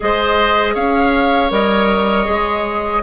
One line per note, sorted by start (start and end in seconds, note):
0.00 0.75 G#3
0.00 1.50 G#4
0.00 0.74 C5
0.00 0.75 D#5
0.74 1.50 C#4
0.74 3.02 C#5
0.74 1.51 F5
1.50 2.26 G3
1.50 2.25 A#4
1.50 3.03 D#5
2.25 3.03 G#3
2.25 3.01 G#4